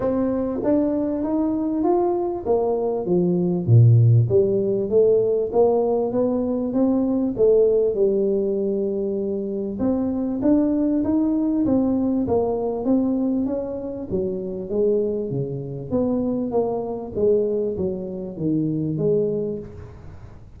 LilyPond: \new Staff \with { instrumentName = "tuba" } { \time 4/4 \tempo 4 = 98 c'4 d'4 dis'4 f'4 | ais4 f4 ais,4 g4 | a4 ais4 b4 c'4 | a4 g2. |
c'4 d'4 dis'4 c'4 | ais4 c'4 cis'4 fis4 | gis4 cis4 b4 ais4 | gis4 fis4 dis4 gis4 | }